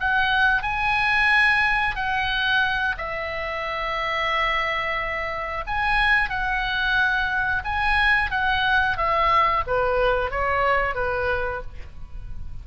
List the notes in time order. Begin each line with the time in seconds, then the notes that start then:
0.00 F#5
0.62 G#5
1.95 F#5
2.98 E5
5.67 G#5
6.29 F#5
7.64 G#5
8.31 F#5
8.97 E5
9.67 B4
10.31 C#5
10.95 B4